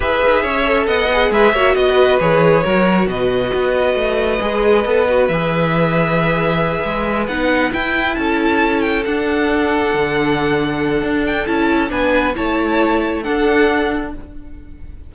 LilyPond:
<<
  \new Staff \with { instrumentName = "violin" } { \time 4/4 \tempo 4 = 136 e''2 fis''4 e''4 | dis''4 cis''2 dis''4~ | dis''1 | e''1~ |
e''8 fis''4 g''4 a''4. | g''8 fis''2.~ fis''8~ | fis''4. g''8 a''4 gis''4 | a''2 fis''2 | }
  \new Staff \with { instrumentName = "violin" } { \time 4/4 b'4 cis''4 dis''4 b'8 cis''8 | dis''16 b'4.~ b'16 ais'4 b'4~ | b'1~ | b'1~ |
b'2~ b'8 a'4.~ | a'1~ | a'2. b'4 | cis''2 a'2 | }
  \new Staff \with { instrumentName = "viola" } { \time 4/4 gis'4. a'4 gis'4 fis'8~ | fis'4 gis'4 fis'2~ | fis'2 gis'4 a'8 fis'8 | gis'1~ |
gis'8 dis'4 e'2~ e'8~ | e'8 d'2.~ d'8~ | d'2 e'4 d'4 | e'2 d'2 | }
  \new Staff \with { instrumentName = "cello" } { \time 4/4 e'8 dis'8 cis'4 b4 gis8 ais8 | b4 e4 fis4 b,4 | b4 a4 gis4 b4 | e2.~ e8 gis8~ |
gis8 b4 e'4 cis'4.~ | cis'8 d'2 d4.~ | d4 d'4 cis'4 b4 | a2 d'2 | }
>>